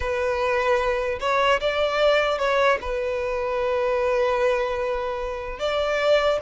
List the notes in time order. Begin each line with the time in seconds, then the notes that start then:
0.00 B4
1.20 C#5
1.60 D5
2.38 C#5
2.81 B4
5.59 D5